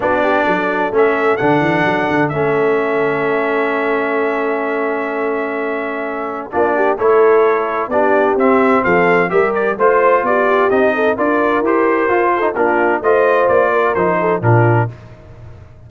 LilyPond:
<<
  \new Staff \with { instrumentName = "trumpet" } { \time 4/4 \tempo 4 = 129 d''2 e''4 fis''4~ | fis''4 e''2.~ | e''1~ | e''2 d''4 cis''4~ |
cis''4 d''4 e''4 f''4 | e''8 d''8 c''4 d''4 dis''4 | d''4 c''2 ais'4 | dis''4 d''4 c''4 ais'4 | }
  \new Staff \with { instrumentName = "horn" } { \time 4/4 fis'8 g'8 a'2.~ | a'1~ | a'1~ | a'2 f'8 g'8 a'4~ |
a'4 g'2 a'4 | ais'4 c''4 g'4. a'8 | ais'2~ ais'8 a'8 f'4 | c''4. ais'4 a'8 f'4 | }
  \new Staff \with { instrumentName = "trombone" } { \time 4/4 d'2 cis'4 d'4~ | d'4 cis'2.~ | cis'1~ | cis'2 d'4 e'4~ |
e'4 d'4 c'2 | g'4 f'2 dis'4 | f'4 g'4 f'8. dis'16 d'4 | f'2 dis'4 d'4 | }
  \new Staff \with { instrumentName = "tuba" } { \time 4/4 b4 fis4 a4 d8 e8 | fis8 d8 a2.~ | a1~ | a2 ais4 a4~ |
a4 b4 c'4 f4 | g4 a4 b4 c'4 | d'4 e'4 f'4 ais4 | a4 ais4 f4 ais,4 | }
>>